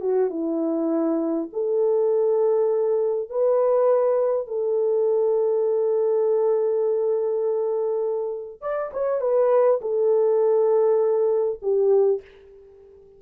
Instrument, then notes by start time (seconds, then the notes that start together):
horn
0.00 F#4
0.30 E4
1.53 A4
3.29 B4
4.47 A4
8.61 D5
8.93 C#5
9.21 B4
9.81 A4
11.62 G4